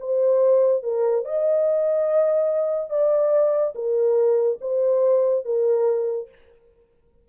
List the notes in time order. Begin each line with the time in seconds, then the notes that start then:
0.00 C5
0.83 A#4
1.25 D#5
2.90 D5
3.75 A#4
4.61 C5
5.45 A#4